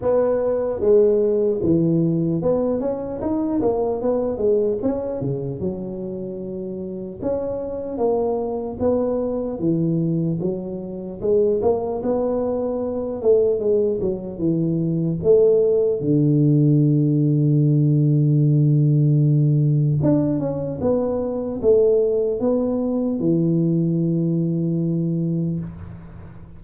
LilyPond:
\new Staff \with { instrumentName = "tuba" } { \time 4/4 \tempo 4 = 75 b4 gis4 e4 b8 cis'8 | dis'8 ais8 b8 gis8 cis'8 cis8 fis4~ | fis4 cis'4 ais4 b4 | e4 fis4 gis8 ais8 b4~ |
b8 a8 gis8 fis8 e4 a4 | d1~ | d4 d'8 cis'8 b4 a4 | b4 e2. | }